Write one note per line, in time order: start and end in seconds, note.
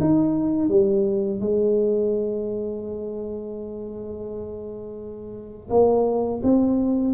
0.00 0.69 D#4
0.69 1.40 G3
1.40 5.69 G#3
5.69 6.41 A#3
6.43 7.14 C4